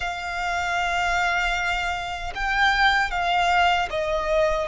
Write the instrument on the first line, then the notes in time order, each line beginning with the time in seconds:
violin
0.00 F5
2.34 G5
3.10 F5
3.90 D#5